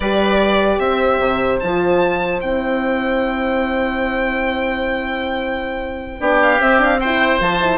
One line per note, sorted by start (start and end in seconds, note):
0.00 0.79 G3
0.00 1.61 G4
0.00 0.80 B4
0.00 0.79 D5
0.79 1.19 C4
0.79 6.19 C5
0.79 1.59 E5
1.20 1.60 C3
1.59 2.42 F3
1.59 2.40 F4
1.59 2.39 A5
2.40 6.20 C4
2.40 6.19 E4
2.40 6.40 G5
6.19 6.60 B3
6.19 6.59 D4
6.19 6.99 G4
6.42 6.61 F5
6.59 6.78 C4
6.59 7.40 C4
6.59 6.81 E5
6.78 6.98 D4
6.78 7.00 F5
7.00 7.40 E4
7.00 7.78 C5
7.00 7.40 G5
7.40 7.78 F3
7.40 7.60 F4
7.40 7.78 A5
7.60 7.78 E4